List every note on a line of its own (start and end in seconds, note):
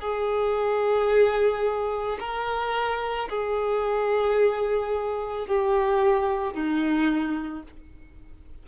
0.00 2.18 G#4
2.20 3.29 A#4
3.29 5.47 G#4
5.47 6.54 G4
6.54 7.63 D#4